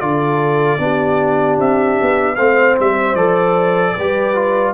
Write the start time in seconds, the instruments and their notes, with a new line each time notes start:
0.00 tuba D3, trombone F4, horn A4, trumpet D5
0.79 tuba B3, trombone D4, horn G4
1.58 tuba C4, trumpet E5
2.01 tuba B3
2.36 tuba A3, trombone C4, horn C5, trumpet F5
2.79 tuba G3, trumpet E5
3.15 tuba F3, trombone A4, trumpet D5
3.96 tuba G3, trombone G4, horn B4
4.35 trombone F4